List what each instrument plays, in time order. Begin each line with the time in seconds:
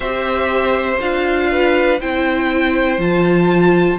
0.00 cello C4, viola G4, violin C5 E5
1.00 cello D4, viola F4, violin F5
1.51 violin B4
2.00 cello C4, viola E4, violin C5 G5
2.98 cello F3, viola F4, violin A5